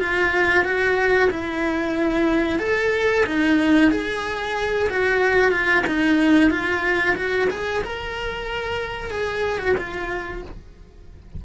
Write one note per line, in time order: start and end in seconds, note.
0.00 0.65 F4
0.65 1.30 F#4
1.31 2.59 E4
2.59 3.25 A4
3.26 3.91 D#4
3.91 4.89 G#4
4.90 5.52 F#4
5.52 5.84 F4
5.87 6.51 D#4
6.51 7.16 F4
7.16 7.49 F#4
7.50 7.83 G#4
7.84 9.11 A#4
9.11 9.59 G#4
9.59 9.75 F#4
9.77 10.42 F4